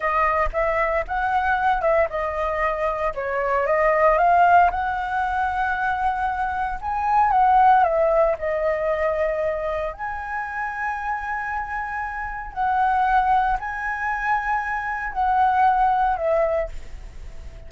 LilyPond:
\new Staff \with { instrumentName = "flute" } { \time 4/4 \tempo 4 = 115 dis''4 e''4 fis''4. e''8 | dis''2 cis''4 dis''4 | f''4 fis''2.~ | fis''4 gis''4 fis''4 e''4 |
dis''2. gis''4~ | gis''1 | fis''2 gis''2~ | gis''4 fis''2 e''4 | }